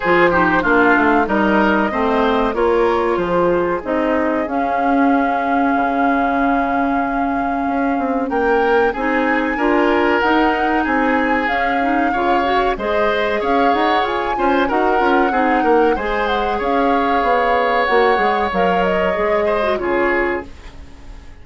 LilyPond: <<
  \new Staff \with { instrumentName = "flute" } { \time 4/4 \tempo 4 = 94 c''4 f''4 dis''2 | cis''4 c''4 dis''4 f''4~ | f''1~ | f''4 g''4 gis''2 |
fis''4 gis''4 f''2 | dis''4 f''8 fis''8 gis''4 fis''4~ | fis''4 gis''8 fis''8 f''2 | fis''4 f''8 dis''4. cis''4 | }
  \new Staff \with { instrumentName = "oboe" } { \time 4/4 gis'8 g'8 f'4 ais'4 c''4 | ais'4 gis'2.~ | gis'1~ | gis'4 ais'4 gis'4 ais'4~ |
ais'4 gis'2 cis''4 | c''4 cis''4. c''8 ais'4 | gis'8 ais'8 c''4 cis''2~ | cis''2~ cis''8 c''8 gis'4 | }
  \new Staff \with { instrumentName = "clarinet" } { \time 4/4 f'8 dis'8 d'4 dis'4 c'4 | f'2 dis'4 cis'4~ | cis'1~ | cis'2 dis'4 f'4 |
dis'2 cis'8 dis'8 f'8 fis'8 | gis'2~ gis'8 f'8 fis'8 f'8 | dis'4 gis'2. | fis'8 gis'8 ais'4 gis'8. fis'16 f'4 | }
  \new Staff \with { instrumentName = "bassoon" } { \time 4/4 f4 ais8 a8 g4 a4 | ais4 f4 c'4 cis'4~ | cis'4 cis2. | cis'8 c'8 ais4 c'4 d'4 |
dis'4 c'4 cis'4 cis4 | gis4 cis'8 dis'8 f'8 cis'8 dis'8 cis'8 | c'8 ais8 gis4 cis'4 b4 | ais8 gis8 fis4 gis4 cis4 | }
>>